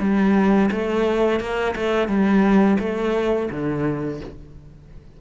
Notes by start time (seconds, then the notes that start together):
0.00 G3
0.71 A3
1.40 A#3
1.75 A3
2.08 G3
2.79 A3
3.50 D3